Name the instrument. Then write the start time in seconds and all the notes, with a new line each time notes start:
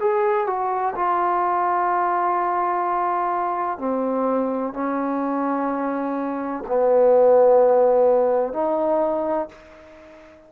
trombone
0.00 G#4
0.47 F#4
0.95 F4
3.78 C4
4.74 C#4
6.68 B3
8.53 D#4